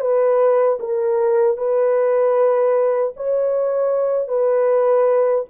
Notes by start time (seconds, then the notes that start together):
0.00 B4
0.79 A#4
1.57 B4
3.16 C#5
4.28 B4